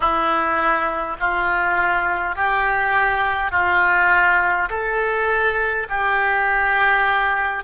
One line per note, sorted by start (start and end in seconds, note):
0.00 1.17 E4
1.20 2.35 F4
2.35 3.51 G4
3.51 4.68 F4
4.69 5.87 A4
5.89 7.63 G4